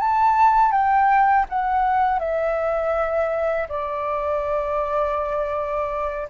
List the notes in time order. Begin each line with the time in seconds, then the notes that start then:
0.00 A5
0.72 G5
1.50 F#5
2.20 E5
3.69 D5